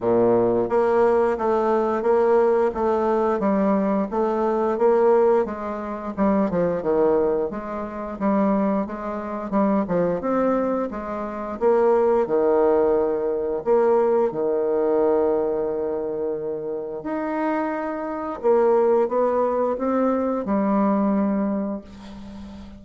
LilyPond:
\new Staff \with { instrumentName = "bassoon" } { \time 4/4 \tempo 4 = 88 ais,4 ais4 a4 ais4 | a4 g4 a4 ais4 | gis4 g8 f8 dis4 gis4 | g4 gis4 g8 f8 c'4 |
gis4 ais4 dis2 | ais4 dis2.~ | dis4 dis'2 ais4 | b4 c'4 g2 | }